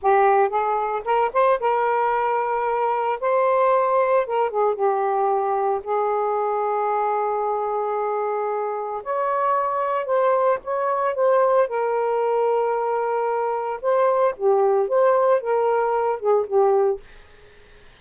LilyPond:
\new Staff \with { instrumentName = "saxophone" } { \time 4/4 \tempo 4 = 113 g'4 gis'4 ais'8 c''8 ais'4~ | ais'2 c''2 | ais'8 gis'8 g'2 gis'4~ | gis'1~ |
gis'4 cis''2 c''4 | cis''4 c''4 ais'2~ | ais'2 c''4 g'4 | c''4 ais'4. gis'8 g'4 | }